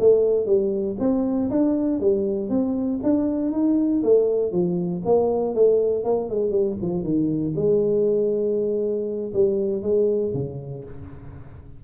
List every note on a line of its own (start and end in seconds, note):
0.00 0.46 A3
0.46 0.97 G3
1.00 1.51 C4
1.51 2.01 D4
2.01 2.50 G3
2.50 3.00 C4
3.04 3.52 D4
3.52 4.03 D#4
4.03 4.52 A3
4.52 5.03 F3
5.05 5.55 A#3
5.55 6.05 A3
6.05 6.30 A#3
6.30 6.51 G#3
6.51 6.76 G3
6.82 7.04 F3
7.04 7.54 D#3
7.56 9.33 G#3
9.34 9.83 G3
9.83 10.33 G#3
10.34 10.85 C#3